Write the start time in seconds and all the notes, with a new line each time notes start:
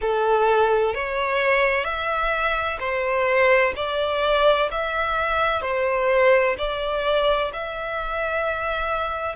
0.01 A4
0.94 C#5
1.84 E5
2.79 C5
3.75 D5
4.71 E5
5.61 C5
6.58 D5
7.53 E5